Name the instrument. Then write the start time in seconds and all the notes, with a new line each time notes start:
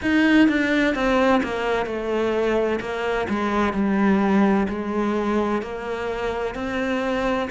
cello
0.02 D#4
0.48 D4
0.94 C4
1.43 A#3
1.85 A3
2.80 A#3
3.29 G#3
3.73 G3
4.68 G#3
5.62 A#3
6.55 C4